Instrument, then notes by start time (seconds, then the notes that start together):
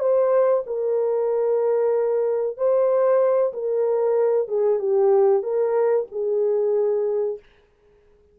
horn
0.00 C5
0.66 A#4
2.57 C5
3.53 A#4
4.48 G#4
4.80 G4
5.43 A#4
6.12 G#4